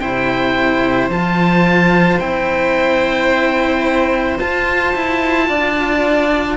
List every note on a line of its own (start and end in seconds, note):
0.00 1.09 C3
0.00 1.10 E4
0.00 5.46 C5
0.00 1.09 G5
1.09 2.18 F3
1.09 2.20 F4
1.09 2.20 A5
2.20 4.39 C4
2.20 4.38 E4
2.20 4.38 G5
4.39 4.94 F4
4.39 6.57 F4
4.39 6.57 A5
4.95 5.49 E4
5.49 6.57 D4
5.49 6.57 D5